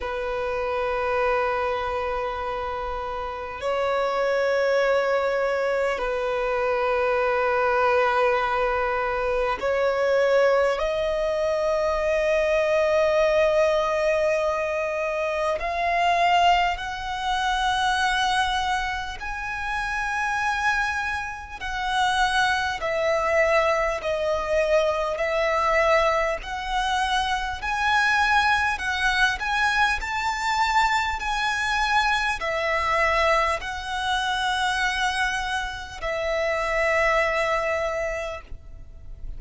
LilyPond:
\new Staff \with { instrumentName = "violin" } { \time 4/4 \tempo 4 = 50 b'2. cis''4~ | cis''4 b'2. | cis''4 dis''2.~ | dis''4 f''4 fis''2 |
gis''2 fis''4 e''4 | dis''4 e''4 fis''4 gis''4 | fis''8 gis''8 a''4 gis''4 e''4 | fis''2 e''2 | }